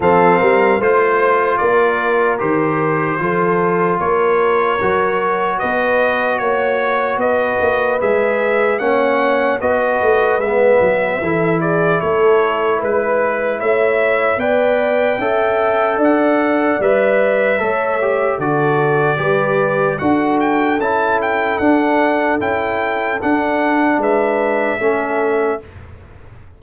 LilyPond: <<
  \new Staff \with { instrumentName = "trumpet" } { \time 4/4 \tempo 4 = 75 f''4 c''4 d''4 c''4~ | c''4 cis''2 dis''4 | cis''4 dis''4 e''4 fis''4 | dis''4 e''4. d''8 cis''4 |
b'4 e''4 g''2 | fis''4 e''2 d''4~ | d''4 fis''8 g''8 a''8 g''8 fis''4 | g''4 fis''4 e''2 | }
  \new Staff \with { instrumentName = "horn" } { \time 4/4 a'8 ais'8 c''4 ais'2 | a'4 ais'2 b'4 | cis''4 b'2 cis''4 | b'2 a'8 gis'8 a'4 |
b'4 cis''4 d''4 e''4 | d''2 cis''4 a'4 | b'4 a'2.~ | a'2 b'4 a'4 | }
  \new Staff \with { instrumentName = "trombone" } { \time 4/4 c'4 f'2 g'4 | f'2 fis'2~ | fis'2 gis'4 cis'4 | fis'4 b4 e'2~ |
e'2 b'4 a'4~ | a'4 b'4 a'8 g'8 fis'4 | g'4 fis'4 e'4 d'4 | e'4 d'2 cis'4 | }
  \new Staff \with { instrumentName = "tuba" } { \time 4/4 f8 g8 a4 ais4 dis4 | f4 ais4 fis4 b4 | ais4 b8 ais8 gis4 ais4 | b8 a8 gis8 fis8 e4 a4 |
gis4 a4 b4 cis'4 | d'4 g4 a4 d4 | g4 d'4 cis'4 d'4 | cis'4 d'4 gis4 a4 | }
>>